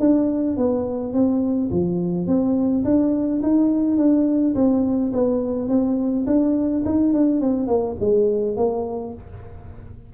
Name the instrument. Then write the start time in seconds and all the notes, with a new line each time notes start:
tuba
0.00 D4
0.57 B3
1.13 C4
1.71 F3
2.27 C4
2.85 D4
3.43 D#4
3.97 D4
4.55 C4
5.13 B3
5.69 C4
6.27 D4
6.85 D#4
7.14 D4
7.41 C4
7.68 A#3
8.00 G#3
8.57 A#3